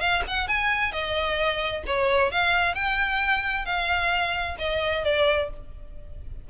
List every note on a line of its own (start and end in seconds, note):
0.00 0.23 F5
0.27 0.48 F#5
0.48 0.92 G#5
0.92 1.83 D#5
1.87 2.31 C#5
2.31 2.75 F5
2.75 3.65 G5
3.65 4.56 F5
4.58 5.04 D#5
5.04 5.50 D5